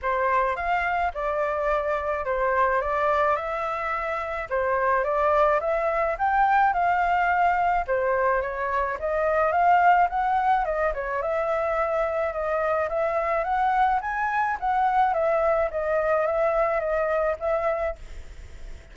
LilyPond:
\new Staff \with { instrumentName = "flute" } { \time 4/4 \tempo 4 = 107 c''4 f''4 d''2 | c''4 d''4 e''2 | c''4 d''4 e''4 g''4 | f''2 c''4 cis''4 |
dis''4 f''4 fis''4 dis''8 cis''8 | e''2 dis''4 e''4 | fis''4 gis''4 fis''4 e''4 | dis''4 e''4 dis''4 e''4 | }